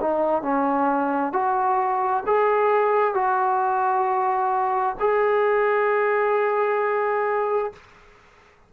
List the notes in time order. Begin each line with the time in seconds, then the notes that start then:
0.00 D#4
0.42 C#4
1.32 F#4
2.26 G#4
3.14 F#4
5.00 G#4